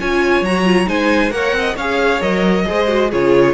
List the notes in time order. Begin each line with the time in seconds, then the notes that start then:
0.00 C#4 F4 C#5 G#5
0.42 F#3 F#4 A#5
0.66 F4
0.87 G#3 D#4 C5 G#5
1.31 A#3 A#4 C#5 F#5
1.53 C4
1.59 D#5
1.76 C#4 G#4 C#5 F5
2.21 F#3 A#4 D#5
2.66 G#3 G#4 C5
2.87 F#4
3.11 C#3 F4 G#4 C#5